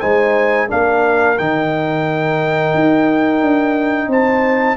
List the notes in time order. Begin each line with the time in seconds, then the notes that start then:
0.00 G#3 D#4 C5 G#5
0.68 A#3 D4 A#4 F5
1.38 D#3 D#4 G5
2.74 D#4
3.42 D4
4.08 C4 C5 A5